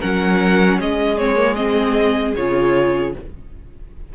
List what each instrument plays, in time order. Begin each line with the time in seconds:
0.00 cello F#3, viola C#4, violin A#4 F#5
0.79 cello G#3, violin G#4 D#5
1.18 viola C4, violin C#5
1.36 viola A#3
1.55 viola C4, violin D#5
2.36 cello C#3, viola F4, violin C#5